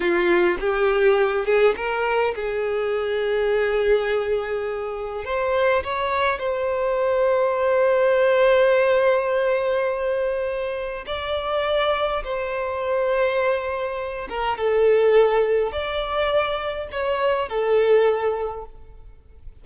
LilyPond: \new Staff \with { instrumentName = "violin" } { \time 4/4 \tempo 4 = 103 f'4 g'4. gis'8 ais'4 | gis'1~ | gis'4 c''4 cis''4 c''4~ | c''1~ |
c''2. d''4~ | d''4 c''2.~ | c''8 ais'8 a'2 d''4~ | d''4 cis''4 a'2 | }